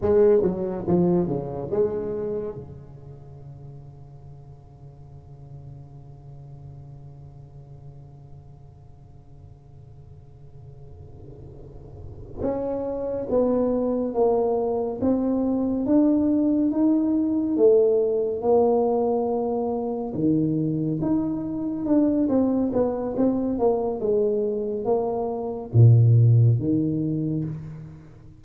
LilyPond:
\new Staff \with { instrumentName = "tuba" } { \time 4/4 \tempo 4 = 70 gis8 fis8 f8 cis8 gis4 cis4~ | cis1~ | cis1~ | cis2~ cis8 cis'4 b8~ |
b8 ais4 c'4 d'4 dis'8~ | dis'8 a4 ais2 dis8~ | dis8 dis'4 d'8 c'8 b8 c'8 ais8 | gis4 ais4 ais,4 dis4 | }